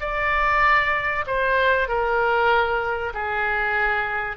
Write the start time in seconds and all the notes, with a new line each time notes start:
0.00 D5
1.27 C5
1.88 A#4
3.14 G#4